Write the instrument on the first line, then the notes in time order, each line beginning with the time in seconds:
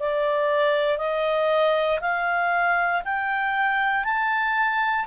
clarinet
0.00 D5
0.98 D#5
2.01 F5
3.05 G5
4.04 A5